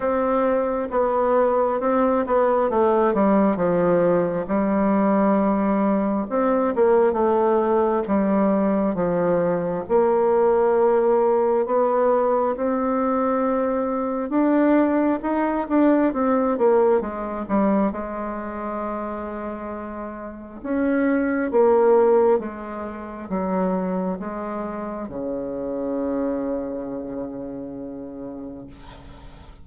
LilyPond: \new Staff \with { instrumentName = "bassoon" } { \time 4/4 \tempo 4 = 67 c'4 b4 c'8 b8 a8 g8 | f4 g2 c'8 ais8 | a4 g4 f4 ais4~ | ais4 b4 c'2 |
d'4 dis'8 d'8 c'8 ais8 gis8 g8 | gis2. cis'4 | ais4 gis4 fis4 gis4 | cis1 | }